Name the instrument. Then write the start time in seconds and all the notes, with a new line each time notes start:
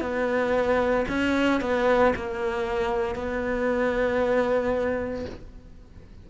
cello
0.00 B3
1.08 C#4
1.61 B3
2.15 A#3
3.15 B3